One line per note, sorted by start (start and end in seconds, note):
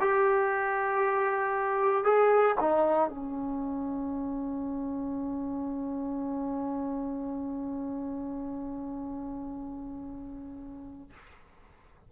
0.00 2.04 G4
2.04 2.55 G#4
2.60 3.09 D#4
3.09 11.11 C#4